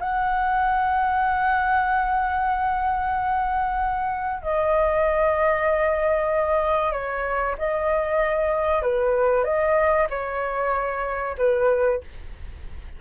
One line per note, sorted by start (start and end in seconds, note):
0.00 4.42 F#5
4.42 6.92 D#5
6.92 7.56 C#5
7.58 8.82 D#5
8.82 9.44 B4
9.44 10.07 D#5
10.10 11.36 C#5
11.38 12.01 B4